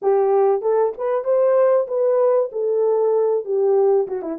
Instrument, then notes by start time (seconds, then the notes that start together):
horn
0.02 G4
0.61 A4
0.97 B4
1.24 C5
1.87 B4
2.51 A4
3.44 G4
4.07 F#4
4.22 E4